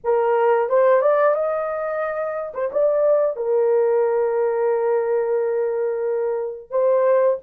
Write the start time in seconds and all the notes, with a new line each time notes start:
0.04 A#4
0.69 C5
1.01 D5
1.34 D#5
2.53 C5
2.72 D5
3.36 A#4
6.70 C5